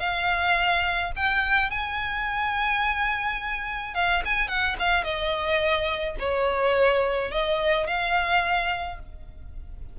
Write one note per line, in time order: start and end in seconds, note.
0.00 1.12 F5
1.16 1.71 G5
1.71 3.95 G#5
3.95 4.23 F5
4.25 4.48 G#5
4.48 4.76 F#5
4.79 5.04 F5
5.04 6.16 D#5
6.19 7.32 C#5
7.32 7.87 D#5
7.87 8.99 F5